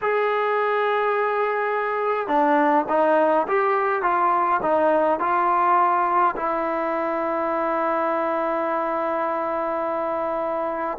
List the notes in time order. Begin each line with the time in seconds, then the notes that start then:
0.01 G#4
2.27 D4
2.88 D#4
3.47 G4
4.02 F4
4.62 D#4
5.19 F4
6.36 E4